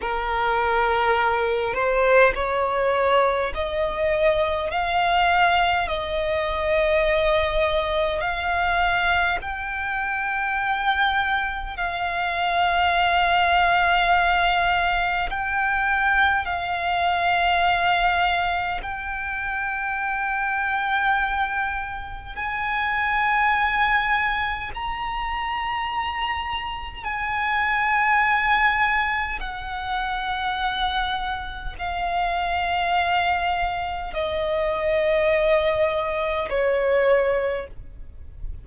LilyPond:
\new Staff \with { instrumentName = "violin" } { \time 4/4 \tempo 4 = 51 ais'4. c''8 cis''4 dis''4 | f''4 dis''2 f''4 | g''2 f''2~ | f''4 g''4 f''2 |
g''2. gis''4~ | gis''4 ais''2 gis''4~ | gis''4 fis''2 f''4~ | f''4 dis''2 cis''4 | }